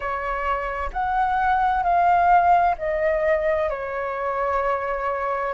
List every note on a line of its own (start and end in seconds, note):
0.00 0.90 C#5
0.92 1.83 F#5
1.83 2.75 F5
2.77 3.69 D#5
3.69 5.53 C#5